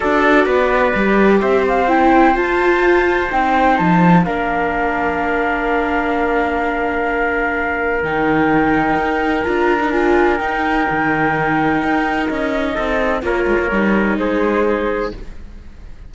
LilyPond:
<<
  \new Staff \with { instrumentName = "flute" } { \time 4/4 \tempo 4 = 127 d''2. e''8 f''8 | g''4 a''2 g''4 | a''4 f''2.~ | f''1~ |
f''4 g''2. | ais''4 gis''4 g''2~ | g''2 dis''2 | cis''2 c''2 | }
  \new Staff \with { instrumentName = "trumpet" } { \time 4/4 a'4 b'2 c''4~ | c''1~ | c''4 ais'2.~ | ais'1~ |
ais'1~ | ais'1~ | ais'2. a'4 | ais'2 gis'2 | }
  \new Staff \with { instrumentName = "viola" } { \time 4/4 fis'2 g'2 | e'4 f'2 dis'4~ | dis'4 d'2.~ | d'1~ |
d'4 dis'2. | f'8. dis'16 f'4 dis'2~ | dis'1 | f'4 dis'2. | }
  \new Staff \with { instrumentName = "cello" } { \time 4/4 d'4 b4 g4 c'4~ | c'4 f'2 c'4 | f4 ais2.~ | ais1~ |
ais4 dis2 dis'4 | d'2 dis'4 dis4~ | dis4 dis'4 cis'4 c'4 | ais8 gis16 ais16 g4 gis2 | }
>>